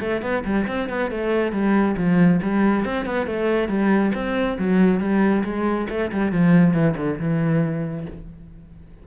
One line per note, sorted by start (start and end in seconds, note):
0.00 0.22 A3
0.22 0.44 B3
0.45 0.66 G3
0.67 0.89 C4
0.89 1.10 B3
1.10 1.52 A3
1.52 1.95 G3
1.97 2.40 F3
2.42 2.85 G3
2.85 3.06 C4
3.06 3.26 B3
3.26 3.68 A3
3.68 4.12 G3
4.14 4.58 C4
4.58 5.00 F#3
5.00 5.43 G3
5.44 5.87 G#3
5.89 6.11 A3
6.11 6.32 G3
6.32 6.74 F3
6.74 6.95 E3
6.97 7.19 D3
7.19 8.06 E3